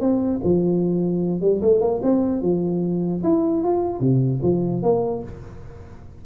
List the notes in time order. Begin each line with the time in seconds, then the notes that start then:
0.00 C4
0.44 F3
1.41 G3
1.61 A3
1.81 A#3
2.03 C4
2.42 F3
3.23 E4
3.64 F4
4.00 C3
4.42 F3
4.83 A#3